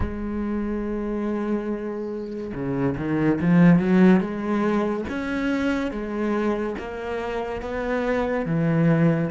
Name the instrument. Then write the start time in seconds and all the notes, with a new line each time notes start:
cello
0.00 G#3
2.54 C#3
2.97 D#3
3.40 F3
3.79 F#3
4.20 G#3
5.09 C#4
5.91 G#3
6.78 A#3
7.61 B3
8.45 E3